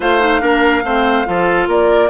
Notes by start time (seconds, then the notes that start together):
0.00 A3 F4 C5 F5
0.20 D#4
0.40 A#3 D4 A#4
0.84 A3 C4 C5
1.25 F3 F4 A4
1.67 A#3 A#4 D5